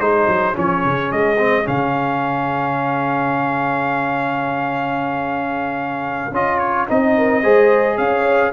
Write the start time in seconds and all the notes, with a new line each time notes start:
0.00 G#3 D#4 G#4 C5
0.28 F#3
0.54 F3 C#4 C#5
0.85 C#3
1.12 G#3 D#5
1.38 C4
1.64 C#3 C#4 F5
6.32 C#4 F4 D#5
6.59 C#5
6.88 C4 D#4 D#5
7.17 A#4
7.43 G#3 G#4 C5
7.98 C#4 C#5 F5